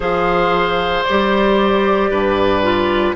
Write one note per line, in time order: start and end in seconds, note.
0.00 1.02 F3
0.00 1.05 G#4
0.00 2.10 C5
0.00 1.03 F5
1.03 2.62 G4
1.03 3.14 D5
1.09 2.11 G3
2.10 3.15 G2
2.10 3.15 B4
2.62 3.15 F4